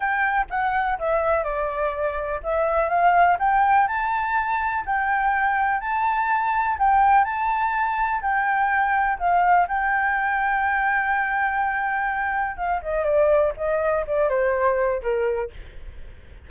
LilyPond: \new Staff \with { instrumentName = "flute" } { \time 4/4 \tempo 4 = 124 g''4 fis''4 e''4 d''4~ | d''4 e''4 f''4 g''4 | a''2 g''2 | a''2 g''4 a''4~ |
a''4 g''2 f''4 | g''1~ | g''2 f''8 dis''8 d''4 | dis''4 d''8 c''4. ais'4 | }